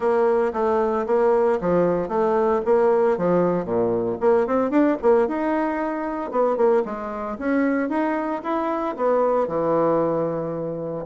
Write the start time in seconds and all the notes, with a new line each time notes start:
0.00 A#3
0.53 A3
1.06 A#3
1.61 F3
2.08 A3
2.65 A#3
3.17 F3
3.64 A#2
4.20 A#3
4.46 C4
4.70 D4
5.01 A#3
5.27 D#4
6.31 B3
6.56 A#3
6.85 G#3
7.38 C#4
7.89 D#4
8.43 E4
8.96 B3
9.47 E3